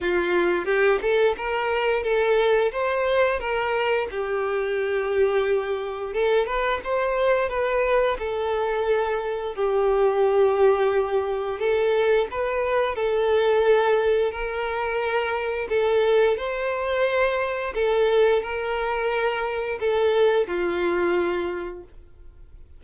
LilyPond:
\new Staff \with { instrumentName = "violin" } { \time 4/4 \tempo 4 = 88 f'4 g'8 a'8 ais'4 a'4 | c''4 ais'4 g'2~ | g'4 a'8 b'8 c''4 b'4 | a'2 g'2~ |
g'4 a'4 b'4 a'4~ | a'4 ais'2 a'4 | c''2 a'4 ais'4~ | ais'4 a'4 f'2 | }